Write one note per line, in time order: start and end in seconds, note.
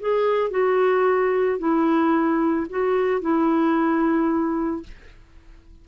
0.00 0.51 G#4
0.51 1.59 F#4
1.59 2.67 E4
2.70 3.21 F#4
3.21 4.84 E4